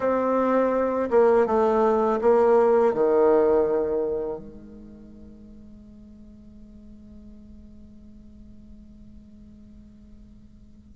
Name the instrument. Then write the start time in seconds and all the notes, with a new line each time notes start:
bassoon
0.00 C4
1.10 A#3
1.46 A3
2.21 A#3
2.93 D#3
4.39 G#3